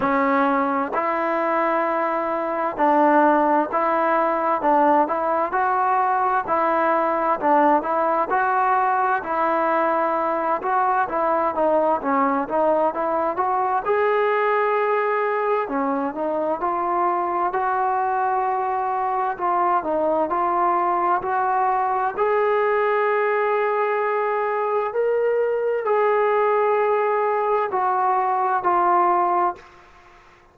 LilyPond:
\new Staff \with { instrumentName = "trombone" } { \time 4/4 \tempo 4 = 65 cis'4 e'2 d'4 | e'4 d'8 e'8 fis'4 e'4 | d'8 e'8 fis'4 e'4. fis'8 | e'8 dis'8 cis'8 dis'8 e'8 fis'8 gis'4~ |
gis'4 cis'8 dis'8 f'4 fis'4~ | fis'4 f'8 dis'8 f'4 fis'4 | gis'2. ais'4 | gis'2 fis'4 f'4 | }